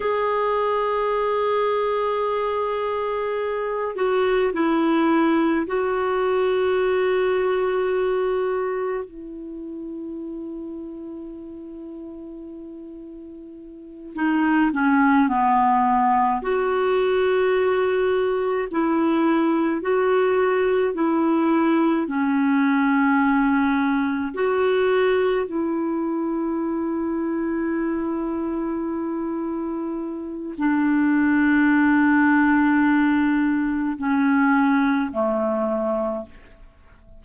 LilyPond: \new Staff \with { instrumentName = "clarinet" } { \time 4/4 \tempo 4 = 53 gis'2.~ gis'8 fis'8 | e'4 fis'2. | e'1~ | e'8 dis'8 cis'8 b4 fis'4.~ |
fis'8 e'4 fis'4 e'4 cis'8~ | cis'4. fis'4 e'4.~ | e'2. d'4~ | d'2 cis'4 a4 | }